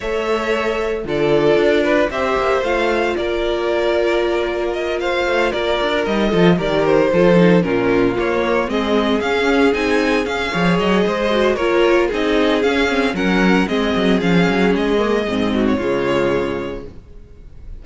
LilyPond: <<
  \new Staff \with { instrumentName = "violin" } { \time 4/4 \tempo 4 = 114 e''2 d''2 | e''4 f''4 d''2~ | d''4 dis''8 f''4 d''4 dis''8~ | dis''8 d''8 c''4. ais'4 cis''8~ |
cis''8 dis''4 f''4 gis''4 f''8~ | f''8 dis''4. cis''4 dis''4 | f''4 fis''4 dis''4 f''4 | dis''4.~ dis''16 cis''2~ cis''16 | }
  \new Staff \with { instrumentName = "violin" } { \time 4/4 cis''2 a'4. b'8 | c''2 ais'2~ | ais'4. c''4 ais'4. | a'8 ais'4 a'4 f'4.~ |
f'8 gis'2.~ gis'8 | cis''4 c''4 ais'4 gis'4~ | gis'4 ais'4 gis'2~ | gis'4. fis'8 f'2 | }
  \new Staff \with { instrumentName = "viola" } { \time 4/4 a'2 f'2 | g'4 f'2.~ | f'2.~ f'8 dis'8 | f'8 g'4 f'8 dis'8 cis'4 ais8~ |
ais8 c'4 cis'4 dis'4 cis'8 | gis'4. fis'8 f'4 dis'4 | cis'8 c'8 cis'4 c'4 cis'4~ | cis'8 ais8 c'4 gis2 | }
  \new Staff \with { instrumentName = "cello" } { \time 4/4 a2 d4 d'4 | c'8 ais8 a4 ais2~ | ais2 a8 ais8 d'8 g8 | f8 dis4 f4 ais,4 ais8~ |
ais8 gis4 cis'4 c'4 cis'8 | f8 fis8 gis4 ais4 c'4 | cis'4 fis4 gis8 fis8 f8 fis8 | gis4 gis,4 cis2 | }
>>